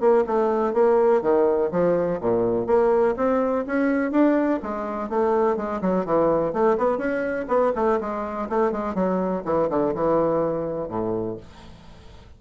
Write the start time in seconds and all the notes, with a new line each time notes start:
0.00 A#3
0.26 A3
0.73 A#3
1.22 D#3
1.71 F3
2.20 A#2
2.66 A#3
3.16 C4
3.66 C#4
4.11 D4
4.63 G#3
5.09 A3
5.56 G#3
5.81 F#3
6.05 E3
6.53 A3
6.78 B3
6.97 C#4
7.48 B3
7.75 A3
8.00 G#3
8.49 A3
8.72 G#3
8.94 F#3
9.45 E3
9.69 D3
9.94 E3
10.88 A2